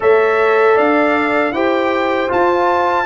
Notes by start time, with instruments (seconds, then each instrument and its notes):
0.00 tuba A3, trombone A4, horn C#5, trumpet E5
0.75 tuba D4, horn D5, trumpet F5
1.51 tuba E4, trombone G4, horn C5, trumpet G5
2.28 trombone F4, tuba F4, trumpet A5